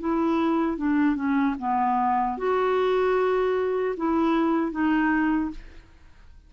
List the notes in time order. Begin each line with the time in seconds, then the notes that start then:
0.00 E4
0.77 D4
1.16 C#4
1.59 B3
2.37 F#4
3.97 E4
4.72 D#4